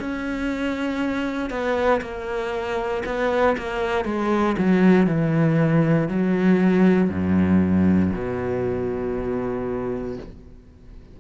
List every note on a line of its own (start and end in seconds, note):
0.00 1.50 C#4
1.50 2.01 B3
2.02 3.03 A#3
3.06 3.56 B3
3.58 4.05 A#3
4.05 4.56 G#3
4.59 5.07 F#3
5.07 6.09 E3
6.09 7.10 F#3
7.10 8.12 F#2
8.14 10.17 B2